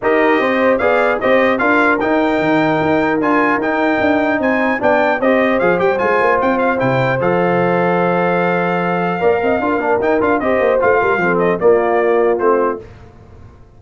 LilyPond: <<
  \new Staff \with { instrumentName = "trumpet" } { \time 4/4 \tempo 4 = 150 dis''2 f''4 dis''4 | f''4 g''2. | gis''4 g''2 gis''4 | g''4 dis''4 f''8 g''8 gis''4 |
g''8 f''8 g''4 f''2~ | f''1~ | f''4 g''8 f''8 dis''4 f''4~ | f''8 dis''8 d''2 c''4 | }
  \new Staff \with { instrumentName = "horn" } { \time 4/4 ais'4 c''4 d''4 c''4 | ais'1~ | ais'2. c''4 | d''4 c''2.~ |
c''1~ | c''2. d''8 dis''8 | ais'2 c''4. ais'8 | a'4 f'2. | }
  \new Staff \with { instrumentName = "trombone" } { \time 4/4 g'2 gis'4 g'4 | f'4 dis'2. | f'4 dis'2. | d'4 g'4 gis'8 g'8 f'4~ |
f'4 e'4 a'2~ | a'2. ais'4 | f'8 d'8 dis'8 f'8 g'4 f'4 | c'4 ais2 c'4 | }
  \new Staff \with { instrumentName = "tuba" } { \time 4/4 dis'4 c'4 b4 c'4 | d'4 dis'4 dis4 dis'4 | d'4 dis'4 d'4 c'4 | b4 c'4 f8 g8 gis8 ais8 |
c'4 c4 f2~ | f2. ais8 c'8 | d'8 ais8 dis'8 d'8 c'8 ais8 a8 g8 | f4 ais2 a4 | }
>>